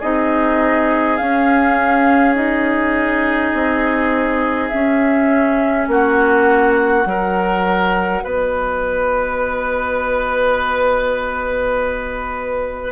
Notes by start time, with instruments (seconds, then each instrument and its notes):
0.00 bassoon C4, clarinet D#4, oboe G#4, flute D#5
1.17 clarinet C#4, bassoon C#4, flute F5
2.35 clarinet D#4, flute D#5
3.53 bassoon C4
4.69 clarinet C#4, bassoon C#4, flute E5
5.88 bassoon A#3, oboe F#4, flute F#5
7.05 bassoon F#3, clarinet F#4, oboe A#4
8.24 bassoon B3, oboe B4, flute D#5